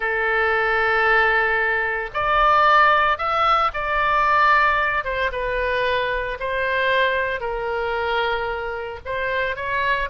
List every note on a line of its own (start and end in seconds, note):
0.00 2.10 A4
2.13 3.18 D5
3.18 3.71 E5
3.73 5.04 D5
5.04 5.30 C5
5.31 6.38 B4
6.39 7.40 C5
7.40 8.99 A#4
9.05 9.56 C5
9.56 10.09 C#5